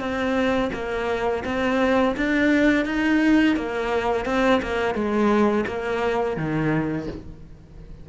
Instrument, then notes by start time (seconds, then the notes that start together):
cello
0.00 C4
0.73 A#3
1.45 C4
2.16 D4
2.86 D#4
3.56 A#3
4.25 C4
4.62 A#3
4.94 G#3
5.67 A#3
6.37 D#3